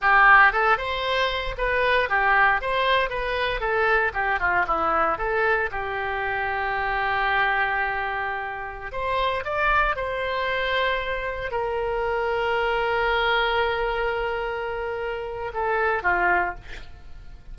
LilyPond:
\new Staff \with { instrumentName = "oboe" } { \time 4/4 \tempo 4 = 116 g'4 a'8 c''4. b'4 | g'4 c''4 b'4 a'4 | g'8 f'8 e'4 a'4 g'4~ | g'1~ |
g'4~ g'16 c''4 d''4 c''8.~ | c''2~ c''16 ais'4.~ ais'16~ | ais'1~ | ais'2 a'4 f'4 | }